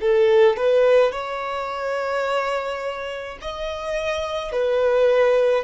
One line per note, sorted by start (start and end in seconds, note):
0.00 0.57 A4
0.57 1.12 B4
1.12 3.38 C#5
3.41 4.52 D#5
4.52 5.64 B4